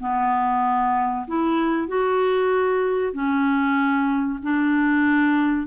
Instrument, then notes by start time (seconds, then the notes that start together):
clarinet
0.00 B3
1.27 E4
1.88 F#4
3.13 C#4
4.43 D4